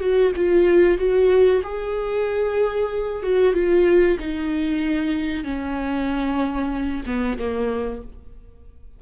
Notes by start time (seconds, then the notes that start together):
0.00 F#4
0.36 F4
0.98 F#4
1.63 G#4
3.22 F#4
3.53 F4
4.19 D#4
5.44 C#4
7.06 B3
7.38 A#3